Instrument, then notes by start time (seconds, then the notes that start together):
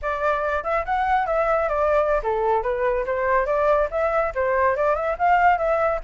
flute
0.02 D5
0.63 E5
0.85 F#5
1.26 E5
1.68 D5
2.23 A4
2.63 B4
3.06 C5
3.46 D5
3.90 E5
4.34 C5
4.76 D5
4.95 E5
5.18 F5
5.58 E5